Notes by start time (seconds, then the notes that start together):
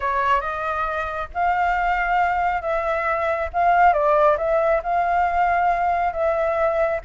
0.00 C#5
0.40 D#5
1.34 F5
2.61 E5
3.53 F5
3.93 D5
4.37 E5
4.83 F5
6.13 E5